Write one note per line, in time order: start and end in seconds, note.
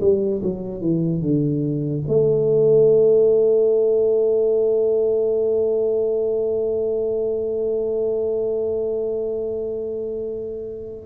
0.00 0.41 G3
0.42 0.80 F#3
0.80 1.21 E3
1.21 2.03 D3
2.08 11.06 A3